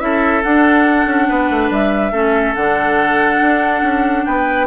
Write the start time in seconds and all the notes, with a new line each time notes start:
0.00 C#4 E4 A4 E5
0.43 D4 F#5
1.06 C#4
1.29 B3 B4
1.50 A3
1.70 G3 E5
2.12 A3 C#4 A4
2.55 D3 D4 F#5
3.41 D4
3.82 C#4
4.25 B3 B4 G5